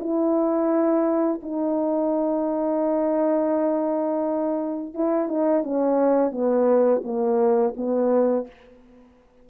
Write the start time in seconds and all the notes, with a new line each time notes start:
0.00 E4
1.43 D#4
4.94 E4
5.29 D#4
5.64 C#4
6.32 B3
7.04 A#3
7.77 B3